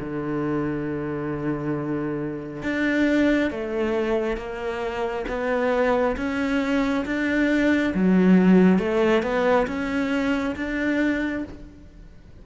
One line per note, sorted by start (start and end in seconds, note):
0.00 2.63 D3
2.63 3.51 D4
3.51 4.37 A3
4.37 5.25 A#3
5.28 6.16 B3
6.17 7.05 C#4
7.05 7.94 D4
7.94 8.79 F#3
8.79 9.22 A3
9.22 9.67 B3
9.67 10.56 C#4
10.56 11.44 D4